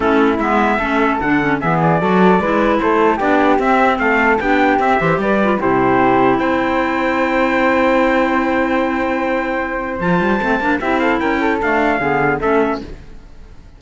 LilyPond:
<<
  \new Staff \with { instrumentName = "trumpet" } { \time 4/4 \tempo 4 = 150 a'4 e''2 fis''4 | e''8 d''2~ d''8 c''4 | d''4 e''4 f''4 g''4 | e''4 d''4 c''2 |
g''1~ | g''1~ | g''4 a''2 e''8 f''8 | g''4 f''2 e''4 | }
  \new Staff \with { instrumentName = "flute" } { \time 4/4 e'2 a'2 | gis'4 a'4 b'4 a'4 | g'2 a'4 g'4~ | g'8 c''8 b'4 g'2 |
c''1~ | c''1~ | c''2. g'8 a'8 | ais'8 a'4. gis'4 a'4 | }
  \new Staff \with { instrumentName = "clarinet" } { \time 4/4 cis'4 b4 cis'4 d'8 cis'8 | b4 fis'4 e'2 | d'4 c'2 d'4 | c'8 g'4 f'8 e'2~ |
e'1~ | e'1~ | e'4 f'4 c'8 d'8 e'4~ | e'4 a4 b4 cis'4 | }
  \new Staff \with { instrumentName = "cello" } { \time 4/4 a4 gis4 a4 d4 | e4 fis4 gis4 a4 | b4 c'4 a4 b4 | c'8 e8 g4 c2 |
c'1~ | c'1~ | c'4 f8 g8 a8 ais8 c'4 | cis'4 d'4 d4 a4 | }
>>